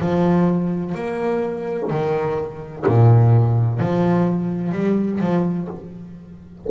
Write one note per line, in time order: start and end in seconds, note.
0.00 0.95 F3
0.95 1.90 A#3
1.90 2.85 D#3
2.86 3.80 A#2
3.80 4.72 F3
4.72 5.20 G3
5.20 5.68 F3